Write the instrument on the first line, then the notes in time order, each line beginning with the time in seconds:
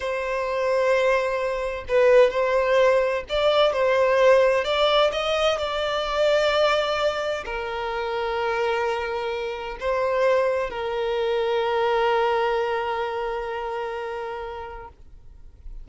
violin
0.00 C5
1.88 B4
2.30 C5
3.29 D5
3.72 C5
4.64 D5
5.12 D#5
5.58 D5
7.45 A#4
9.79 C5
10.70 A#4